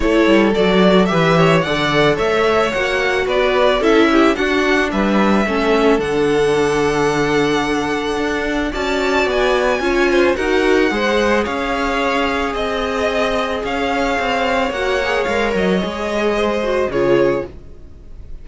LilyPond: <<
  \new Staff \with { instrumentName = "violin" } { \time 4/4 \tempo 4 = 110 cis''4 d''4 e''4 fis''4 | e''4 fis''4 d''4 e''4 | fis''4 e''2 fis''4~ | fis''1 |
a''4 gis''2 fis''4~ | fis''4 f''2 dis''4~ | dis''4 f''2 fis''4 | f''8 dis''2~ dis''8 cis''4 | }
  \new Staff \with { instrumentName = "violin" } { \time 4/4 a'2 b'8 cis''8 d''4 | cis''2 b'4 a'8 g'8 | fis'4 b'4 a'2~ | a'1 |
d''2 cis''8 c''8 ais'4 | c''4 cis''2 dis''4~ | dis''4 cis''2.~ | cis''2 c''4 gis'4 | }
  \new Staff \with { instrumentName = "viola" } { \time 4/4 e'4 fis'4 g'4 a'4~ | a'4 fis'2 e'4 | d'2 cis'4 d'4~ | d'1 |
fis'2 f'4 fis'4 | gis'1~ | gis'2. fis'8 gis'8 | ais'4 gis'4. fis'8 f'4 | }
  \new Staff \with { instrumentName = "cello" } { \time 4/4 a8 g8 fis4 e4 d4 | a4 ais4 b4 cis'4 | d'4 g4 a4 d4~ | d2. d'4 |
cis'4 b4 cis'4 dis'4 | gis4 cis'2 c'4~ | c'4 cis'4 c'4 ais4 | gis8 fis8 gis2 cis4 | }
>>